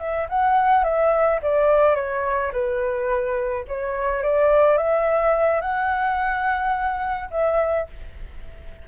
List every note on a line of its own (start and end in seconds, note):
0.00 0.28 E5
0.29 0.84 F#5
0.84 1.40 E5
1.43 1.96 D5
1.96 2.52 C#5
2.53 3.66 B4
3.68 4.23 C#5
4.23 4.78 D5
4.78 5.62 E5
5.62 7.30 F#5
7.31 7.87 E5